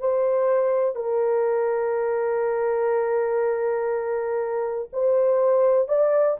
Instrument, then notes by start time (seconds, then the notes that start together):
horn
0.00 C5
0.96 A#4
4.93 C5
5.89 D5